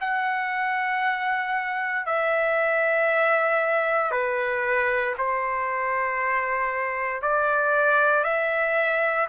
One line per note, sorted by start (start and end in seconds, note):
0.00 2.06 F#5
2.06 4.11 E5
4.11 5.14 B4
5.18 7.22 C5
7.22 8.24 D5
8.24 9.27 E5